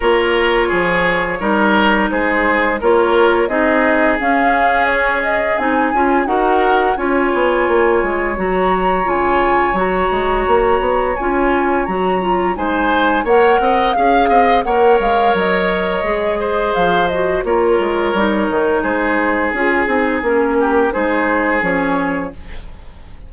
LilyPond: <<
  \new Staff \with { instrumentName = "flute" } { \time 4/4 \tempo 4 = 86 cis''2. c''4 | cis''4 dis''4 f''4 cis''8 dis''8 | gis''4 fis''4 gis''2 | ais''4 gis''4 ais''2 |
gis''4 ais''4 gis''4 fis''4 | f''4 fis''8 f''8 dis''2 | f''8 dis''8 cis''2 c''4 | gis'4 ais'4 c''4 cis''4 | }
  \new Staff \with { instrumentName = "oboe" } { \time 4/4 ais'4 gis'4 ais'4 gis'4 | ais'4 gis'2.~ | gis'4 ais'4 cis''2~ | cis''1~ |
cis''2 c''4 cis''8 dis''8 | f''8 dis''8 cis''2~ cis''8 c''8~ | c''4 ais'2 gis'4~ | gis'4. g'8 gis'2 | }
  \new Staff \with { instrumentName = "clarinet" } { \time 4/4 f'2 dis'2 | f'4 dis'4 cis'2 | dis'8 f'8 fis'4 f'2 | fis'4 f'4 fis'2 |
f'4 fis'8 f'8 dis'4 ais'4 | gis'4 ais'2 gis'4~ | gis'8 fis'8 f'4 dis'2 | f'8 dis'8 cis'4 dis'4 cis'4 | }
  \new Staff \with { instrumentName = "bassoon" } { \time 4/4 ais4 f4 g4 gis4 | ais4 c'4 cis'2 | c'8 cis'8 dis'4 cis'8 b8 ais8 gis8 | fis4 cis4 fis8 gis8 ais8 b8 |
cis'4 fis4 gis4 ais8 c'8 | cis'8 c'8 ais8 gis8 fis4 gis4 | f4 ais8 gis8 g8 dis8 gis4 | cis'8 c'8 ais4 gis4 f4 | }
>>